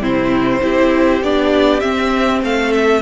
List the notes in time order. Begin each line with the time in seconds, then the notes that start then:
0.00 C3 C4 E4 C5
0.61 C4 E4 G4
1.22 B3 D4 D5
1.80 C4 E5
2.43 A3 A4 F5
2.73 E5